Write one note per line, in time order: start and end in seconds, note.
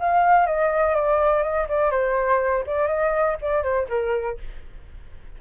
0.00 0.46 F5
0.46 0.95 D#5
0.95 1.43 D5
1.43 1.67 D#5
1.69 1.91 D5
1.91 2.65 C5
2.67 2.88 D5
2.88 3.37 D#5
3.42 3.63 D5
3.63 3.88 C5
3.89 4.38 A#4